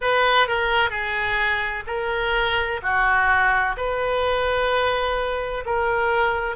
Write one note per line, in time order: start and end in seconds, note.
0.01 0.47 B4
0.47 0.89 A#4
0.89 1.83 G#4
1.87 2.80 A#4
2.82 3.75 F#4
3.77 5.64 B4
5.65 6.55 A#4